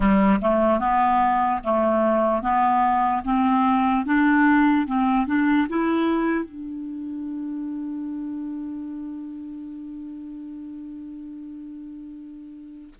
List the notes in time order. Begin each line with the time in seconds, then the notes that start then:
0.00 G3
0.41 A3
0.79 B3
1.64 A3
2.42 B3
3.24 C4
4.05 D4
4.86 C4
5.27 D4
5.68 E4
6.45 D4